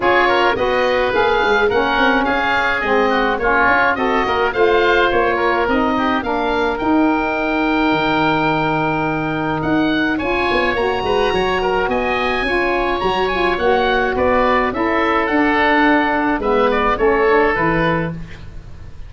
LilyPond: <<
  \new Staff \with { instrumentName = "oboe" } { \time 4/4 \tempo 4 = 106 cis''4 dis''4 f''4 fis''4 | f''4 dis''4 cis''4 dis''4 | f''4 cis''4 dis''4 f''4 | g''1~ |
g''4 fis''4 gis''4 ais''4~ | ais''4 gis''2 ais''8 gis''8 | fis''4 d''4 e''4 fis''4~ | fis''4 e''8 d''8 cis''4 b'4 | }
  \new Staff \with { instrumentName = "oboe" } { \time 4/4 gis'8 ais'8 b'2 ais'4 | gis'4. fis'8 f'4 a'8 ais'8 | c''4. ais'4 g'8 ais'4~ | ais'1~ |
ais'2 cis''4. b'8 | cis''8 ais'8 dis''4 cis''2~ | cis''4 b'4 a'2~ | a'4 b'4 a'2 | }
  \new Staff \with { instrumentName = "saxophone" } { \time 4/4 f'4 fis'4 gis'4 cis'4~ | cis'4 c'4 cis'4 fis'4 | f'2 dis'4 d'4 | dis'1~ |
dis'2 f'4 fis'4~ | fis'2 f'4 fis'8 f'8 | fis'2 e'4 d'4~ | d'4 b4 cis'8 d'8 e'4 | }
  \new Staff \with { instrumentName = "tuba" } { \time 4/4 cis'4 b4 ais8 gis8 ais8 c'8 | cis'4 gis4 ais8 cis'8 c'8 ais8 | a4 ais4 c'4 ais4 | dis'2 dis2~ |
dis4 dis'4 cis'8 b8 ais8 gis8 | fis4 b4 cis'4 fis4 | ais4 b4 cis'4 d'4~ | d'4 gis4 a4 e4 | }
>>